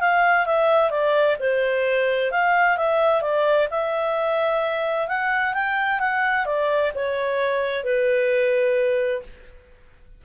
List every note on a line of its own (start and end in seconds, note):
0.00 0.46 F5
0.46 0.90 E5
0.90 1.37 D5
1.40 2.31 C5
2.31 2.77 F5
2.77 3.22 E5
3.22 3.68 D5
3.71 5.08 E5
5.08 5.54 F#5
5.54 6.00 G5
6.00 6.46 F#5
6.46 6.92 D5
6.95 7.84 C#5
7.84 9.23 B4